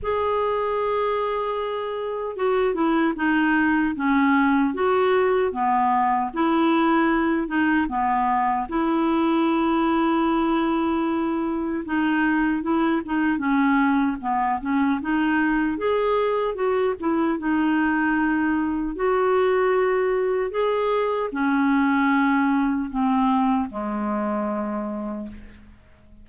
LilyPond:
\new Staff \with { instrumentName = "clarinet" } { \time 4/4 \tempo 4 = 76 gis'2. fis'8 e'8 | dis'4 cis'4 fis'4 b4 | e'4. dis'8 b4 e'4~ | e'2. dis'4 |
e'8 dis'8 cis'4 b8 cis'8 dis'4 | gis'4 fis'8 e'8 dis'2 | fis'2 gis'4 cis'4~ | cis'4 c'4 gis2 | }